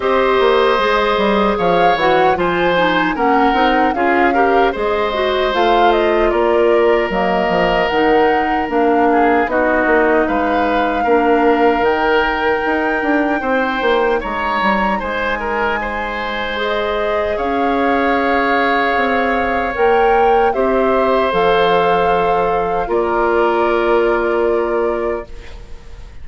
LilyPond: <<
  \new Staff \with { instrumentName = "flute" } { \time 4/4 \tempo 4 = 76 dis''2 f''8 fis''8 gis''4 | fis''4 f''4 dis''4 f''8 dis''8 | d''4 dis''4 fis''4 f''4 | dis''4 f''2 g''4~ |
g''2 ais''4 gis''4~ | gis''4 dis''4 f''2~ | f''4 g''4 e''4 f''4~ | f''4 d''2. | }
  \new Staff \with { instrumentName = "oboe" } { \time 4/4 c''2 cis''4 c''4 | ais'4 gis'8 ais'8 c''2 | ais'2.~ ais'8 gis'8 | fis'4 b'4 ais'2~ |
ais'4 c''4 cis''4 c''8 ais'8 | c''2 cis''2~ | cis''2 c''2~ | c''4 ais'2. | }
  \new Staff \with { instrumentName = "clarinet" } { \time 4/4 g'4 gis'4. fis'8 f'8 dis'8 | cis'8 dis'8 f'8 g'8 gis'8 fis'8 f'4~ | f'4 ais4 dis'4 d'4 | dis'2 d'4 dis'4~ |
dis'1~ | dis'4 gis'2.~ | gis'4 ais'4 g'4 a'4~ | a'4 f'2. | }
  \new Staff \with { instrumentName = "bassoon" } { \time 4/4 c'8 ais8 gis8 g8 f8 e8 f4 | ais8 c'8 cis'4 gis4 a4 | ais4 fis8 f8 dis4 ais4 | b8 ais8 gis4 ais4 dis4 |
dis'8 d'8 c'8 ais8 gis8 g8 gis4~ | gis2 cis'2 | c'4 ais4 c'4 f4~ | f4 ais2. | }
>>